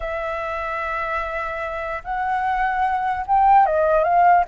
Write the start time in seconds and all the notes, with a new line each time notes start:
0.00 E5
2.03 F#5
3.26 G5
3.66 D#5
4.03 F5